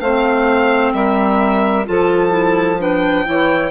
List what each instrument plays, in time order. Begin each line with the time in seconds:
0.00 bassoon A3, clarinet C4, saxophone C5, violin F5
0.93 bassoon G3, saxophone A#4, violin E5
1.86 bassoon F3, clarinet F4, saxophone A4, violin A5
2.29 clarinet E4
2.79 clarinet D4, saxophone B4, violin G5
3.25 bassoon E3, clarinet E4, saxophone C#5